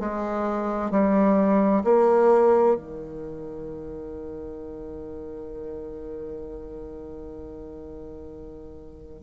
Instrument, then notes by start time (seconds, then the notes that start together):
bassoon
0.00 G#3
0.91 G3
1.85 A#3
2.77 D#3